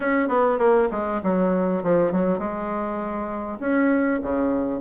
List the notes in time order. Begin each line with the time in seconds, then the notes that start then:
0.00 C#4
0.28 B3
0.58 A#3
0.91 G#3
1.23 F#3
1.83 F3
2.12 F#3
2.38 G#3
3.60 C#4
4.22 C#3